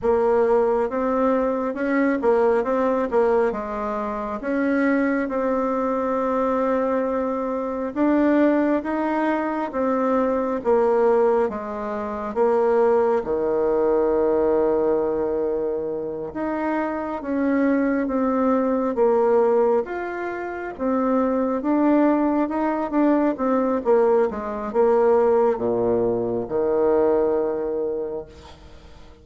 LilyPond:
\new Staff \with { instrumentName = "bassoon" } { \time 4/4 \tempo 4 = 68 ais4 c'4 cis'8 ais8 c'8 ais8 | gis4 cis'4 c'2~ | c'4 d'4 dis'4 c'4 | ais4 gis4 ais4 dis4~ |
dis2~ dis8 dis'4 cis'8~ | cis'8 c'4 ais4 f'4 c'8~ | c'8 d'4 dis'8 d'8 c'8 ais8 gis8 | ais4 ais,4 dis2 | }